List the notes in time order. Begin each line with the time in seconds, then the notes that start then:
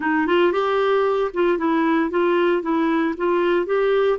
0.00 D#4
0.27 F4
0.52 G4
1.33 F4
1.57 E4
2.10 F4
2.62 E4
3.17 F4
3.66 G4